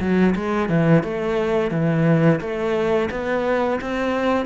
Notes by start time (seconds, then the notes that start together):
0.00 F#3
0.35 G#3
0.69 E3
1.03 A3
1.71 E3
2.40 A3
3.10 B3
3.81 C4